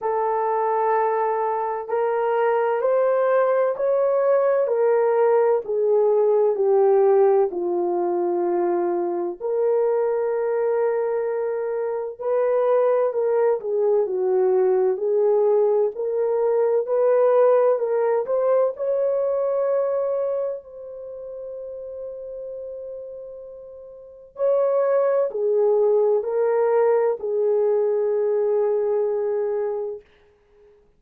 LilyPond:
\new Staff \with { instrumentName = "horn" } { \time 4/4 \tempo 4 = 64 a'2 ais'4 c''4 | cis''4 ais'4 gis'4 g'4 | f'2 ais'2~ | ais'4 b'4 ais'8 gis'8 fis'4 |
gis'4 ais'4 b'4 ais'8 c''8 | cis''2 c''2~ | c''2 cis''4 gis'4 | ais'4 gis'2. | }